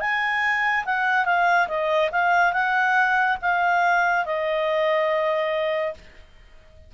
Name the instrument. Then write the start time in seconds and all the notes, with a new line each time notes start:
clarinet
0.00 G#5
0.85 F#5
1.26 F5
1.68 D#5
2.12 F5
2.53 F#5
3.41 F5
4.25 D#5